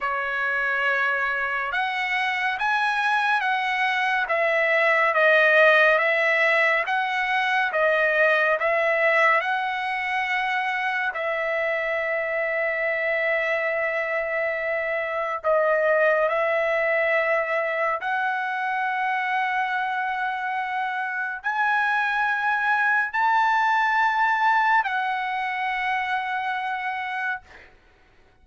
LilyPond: \new Staff \with { instrumentName = "trumpet" } { \time 4/4 \tempo 4 = 70 cis''2 fis''4 gis''4 | fis''4 e''4 dis''4 e''4 | fis''4 dis''4 e''4 fis''4~ | fis''4 e''2.~ |
e''2 dis''4 e''4~ | e''4 fis''2.~ | fis''4 gis''2 a''4~ | a''4 fis''2. | }